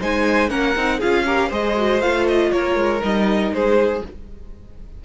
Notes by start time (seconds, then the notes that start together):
0.00 G#3 D#4 C5 G#5
0.49 A#3 C#4 A#4 F#5
0.76 C4 D#4
0.99 C#4 F4 G#4 F5
1.26 G4 A#4
1.49 G#3 G#4 C5 D#5
1.77 F#4
2.01 A3 F4 F5
2.28 D#5
2.52 A#3 A#4 C#5
2.76 G#3
3.00 G3 D#4 D#5
3.51 G#3 G#4 C5